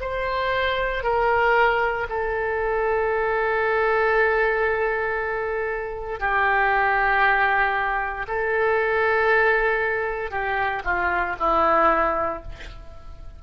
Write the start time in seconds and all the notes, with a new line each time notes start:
0.00 C5
1.03 A#4
2.09 A4
6.19 G4
8.27 A4
10.30 G4
10.84 F4
11.39 E4